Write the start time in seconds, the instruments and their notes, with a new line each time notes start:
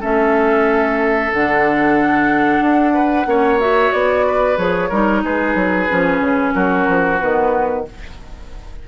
0.00 bassoon A3, clarinet C#4, oboe A4, flute E5
1.32 bassoon D3, clarinet D4, flute F#5
2.61 bassoon D4
2.94 oboe B4
3.26 bassoon A#3, clarinet C#4, oboe C#5
3.60 clarinet F#4, flute E5
3.92 bassoon B3, flute D5
4.27 oboe B4
4.56 bassoon F3, clarinet G#4, flute C#5
4.89 bassoon G3, clarinet D#4, oboe A#4
5.23 bassoon G#3, oboe G#4, flute B4
5.55 bassoon F#3
5.88 bassoon F3, clarinet C#4
6.20 bassoon C#3
6.54 bassoon F#3, oboe F#4, flute A#4
6.87 bassoon F3
7.20 bassoon D#3, clarinet B3, flute B4